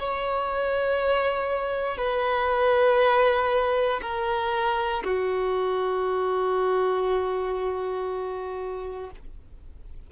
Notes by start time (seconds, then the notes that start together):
0.00 C#5
1.97 B4
4.02 A#4
5.04 F#4